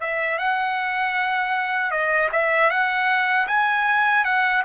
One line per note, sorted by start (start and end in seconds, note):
0.00 0.38 E5
0.38 1.91 F#5
1.91 2.29 D#5
2.31 2.70 E5
2.70 3.47 F#5
3.47 4.24 G#5
4.24 4.63 F#5